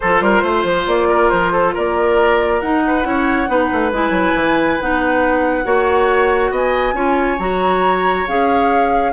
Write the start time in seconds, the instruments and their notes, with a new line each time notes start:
0.00 bassoon F3, clarinet F4, oboe A4, flute C5
0.20 bassoon G3, oboe A#4
0.42 bassoon A3, oboe C5
0.64 bassoon F3
0.86 bassoon A#3, flute D5
1.09 oboe A#4
1.30 bassoon F3, flute C5
1.52 oboe A4
1.73 bassoon A#3, oboe A#4, flute D5
2.60 bassoon D#4, clarinet D#4, flute F#5
2.87 oboe B4
3.03 bassoon C#4, clarinet E4, oboe C#5
3.47 bassoon B3, clarinet D#4, oboe B4
3.72 bassoon A3
3.91 bassoon G#3, clarinet E4, flute G#5
4.10 bassoon F#3
4.34 bassoon E3
4.80 bassoon B3, clarinet D#4, flute F#5
5.63 bassoon A#3, clarinet F#4, oboe C#5
6.51 bassoon B3, oboe D#5, flute G#5
6.93 bassoon C#4, clarinet F4, oboe C#5
7.38 bassoon F#3, clarinet F#4, flute A#5
8.27 bassoon C#4, clarinet G#4, flute F5